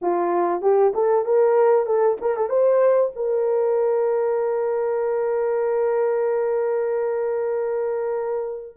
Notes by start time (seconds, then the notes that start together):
0.01 F4
0.61 G4
0.94 A4
1.25 A#4
1.86 A4
2.21 A#4
2.36 A4
2.49 C5
3.15 A#4